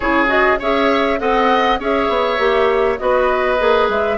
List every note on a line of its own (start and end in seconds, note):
0.00 0.60 C#3
0.00 0.27 E4
0.00 0.59 G#4
0.00 0.27 C#5
0.27 0.57 F#4
0.27 0.59 D#5
0.59 1.20 C#4
0.59 1.18 G#4
0.59 1.19 C#5
0.59 1.19 E5
1.18 1.79 C4
1.18 1.78 A4
1.18 1.79 D#5
1.18 1.79 F#5
1.79 2.08 C#4
1.79 2.38 G#4
1.79 2.99 C#5
1.79 2.98 E5
2.08 2.38 B3
2.38 2.98 A#3
2.38 2.98 G4
2.98 3.60 B3
2.98 3.58 F#4
2.98 4.17 B4
2.98 3.88 D#5
3.58 3.88 A#3
3.58 4.17 G#4
3.88 4.17 G#3
3.88 4.17 E5